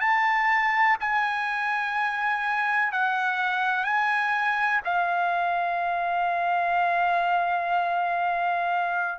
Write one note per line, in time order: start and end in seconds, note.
0.00 0.97 A5
1.00 2.92 G#5
2.92 3.84 F#5
3.84 4.81 G#5
4.85 9.19 F5